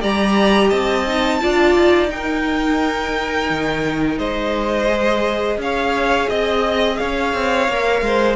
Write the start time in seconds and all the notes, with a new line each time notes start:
0.00 G3 G4 D5 A#5
0.68 C4 D#5 A5
1.07 D#4
1.41 D4 F4 D5
1.75 D#4
2.09 D#4 A#4 G5
3.50 D#3
4.18 G#3 C5 D#5
4.89 G#4
5.57 C#4 F5
5.63 C#5
6.29 C4 D#5
6.96 C#4 C#5 F5
7.33 C4
7.68 A#3 A#4
8.02 G#3 C5